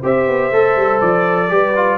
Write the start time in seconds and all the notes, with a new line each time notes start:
0.00 C4 G4 C5 E5
0.27 B3
0.51 A3 A4
0.75 G3
1.00 F3 D5
1.49 G3 G4 B4
1.75 F4